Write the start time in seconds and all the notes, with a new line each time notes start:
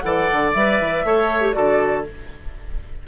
0.00 E3 A4 D5 F#5
0.32 D3
0.53 G3 B4 E5
0.80 E3
1.04 A3 A4 C#5
1.41 G4
1.53 D3 F#4 A4 D5